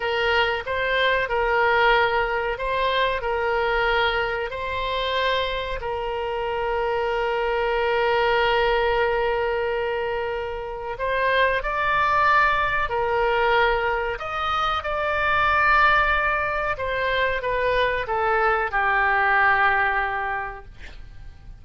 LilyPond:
\new Staff \with { instrumentName = "oboe" } { \time 4/4 \tempo 4 = 93 ais'4 c''4 ais'2 | c''4 ais'2 c''4~ | c''4 ais'2.~ | ais'1~ |
ais'4 c''4 d''2 | ais'2 dis''4 d''4~ | d''2 c''4 b'4 | a'4 g'2. | }